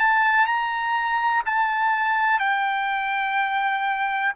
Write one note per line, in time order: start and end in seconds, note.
0.00 0.47 A5
0.47 1.43 A#5
1.46 2.40 A5
2.40 4.34 G5